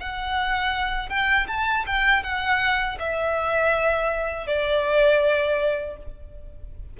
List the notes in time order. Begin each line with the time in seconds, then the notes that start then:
0.00 F#5
1.09 G5
1.48 A5
1.86 G5
2.23 F#5
2.99 E5
4.47 D5